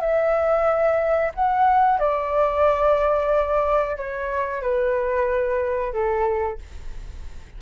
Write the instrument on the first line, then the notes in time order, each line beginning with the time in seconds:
flute
0.00 E5
1.35 F#5
1.99 D5
3.97 C#5
4.62 B4
5.93 A4